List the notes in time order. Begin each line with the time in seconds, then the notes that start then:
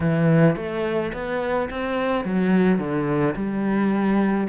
0.00 E3
0.56 A3
1.13 B3
1.70 C4
2.24 F#3
2.78 D3
3.35 G3